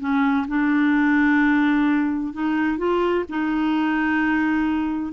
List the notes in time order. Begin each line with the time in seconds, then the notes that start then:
0.00 C#4
0.48 D4
2.34 D#4
2.78 F4
3.29 D#4